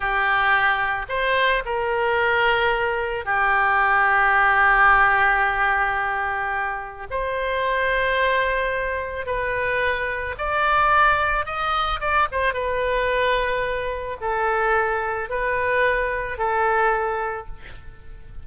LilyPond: \new Staff \with { instrumentName = "oboe" } { \time 4/4 \tempo 4 = 110 g'2 c''4 ais'4~ | ais'2 g'2~ | g'1~ | g'4 c''2.~ |
c''4 b'2 d''4~ | d''4 dis''4 d''8 c''8 b'4~ | b'2 a'2 | b'2 a'2 | }